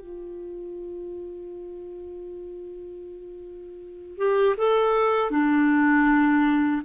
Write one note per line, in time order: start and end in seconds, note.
0.00 4.17 F4
4.17 4.55 G4
4.57 5.31 A4
5.31 6.83 D4